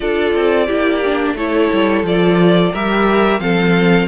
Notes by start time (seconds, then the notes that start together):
0.00 D4 F4 A4 D5
0.34 C4
0.66 A#3 E4 G4
1.05 D4
1.34 A3 E4 A4 C#5
1.72 G3
2.03 F3 F4 D5
2.72 G3 G4 A#4 E5
3.39 F3 C4 A4 F5